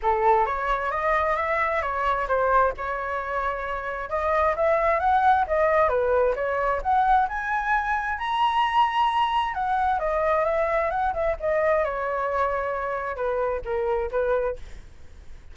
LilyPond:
\new Staff \with { instrumentName = "flute" } { \time 4/4 \tempo 4 = 132 a'4 cis''4 dis''4 e''4 | cis''4 c''4 cis''2~ | cis''4 dis''4 e''4 fis''4 | dis''4 b'4 cis''4 fis''4 |
gis''2 ais''2~ | ais''4 fis''4 dis''4 e''4 | fis''8 e''8 dis''4 cis''2~ | cis''4 b'4 ais'4 b'4 | }